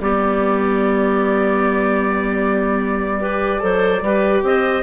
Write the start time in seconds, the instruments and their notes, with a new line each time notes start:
0.00 bassoon G3, viola B3, clarinet G4, trumpet D5
3.21 viola G4, clarinet B4
3.60 bassoon F#3, viola A4, clarinet C5
4.02 bassoon G3, viola G4, clarinet B4
4.43 bassoon C4, clarinet C5, trumpet D#5